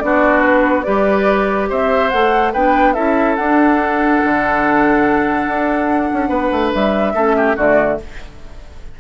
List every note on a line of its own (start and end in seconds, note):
0.00 0.87 B3
0.00 0.85 D4
0.00 0.86 F#4
0.00 0.42 D5
0.42 0.83 B4
0.83 1.71 G3
0.83 2.11 G4
0.83 1.70 B4
0.83 1.67 D5
1.70 2.13 C4
1.70 2.53 C5
1.70 2.10 E5
2.10 2.55 A3
2.10 2.55 A4
2.10 2.52 F#5
2.53 2.97 B3
2.53 2.96 D4
2.53 2.94 B4
2.53 2.94 G5
2.94 3.38 C#4
2.94 3.38 E4
2.94 6.29 A4
2.94 3.36 E5
3.36 7.15 D4
3.36 4.22 D4
3.36 6.72 F#5
4.24 5.47 D3
5.47 6.10 D4
6.14 6.30 C#4
6.29 6.51 B3
6.29 7.13 B4
6.52 6.73 A3
6.74 7.14 G3
6.74 7.58 E5
7.14 7.56 A3
7.14 7.58 C#4
7.14 7.36 A4
7.37 7.56 G4
7.56 7.99 D3
7.56 8.00 A3
7.56 7.98 F#4
7.56 8.00 D5